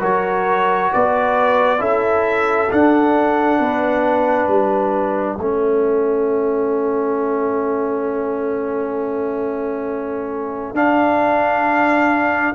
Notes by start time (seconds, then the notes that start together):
0.00 F#3 F#4 A#4 C#5
0.93 B3 B4 D5
1.79 C#4 E4 A4 E5
2.70 D4 F#5
3.59 B3 B4
4.47 G3 E5
5.37 A3 C#4 A4
10.73 D4 F5